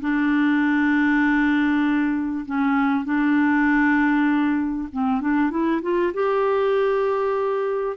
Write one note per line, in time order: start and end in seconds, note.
0.00 2.45 D4
2.45 3.04 C#4
3.04 4.88 D4
4.92 5.20 C4
5.20 5.50 D4
5.50 5.81 E4
5.82 6.12 F4
6.13 7.96 G4